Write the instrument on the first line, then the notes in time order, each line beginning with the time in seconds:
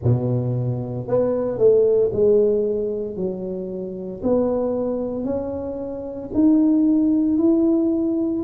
tuba
0.03 B2
1.07 B3
1.57 A3
2.12 G#3
3.16 F#3
4.22 B3
5.24 C#4
6.34 D#4
7.37 E4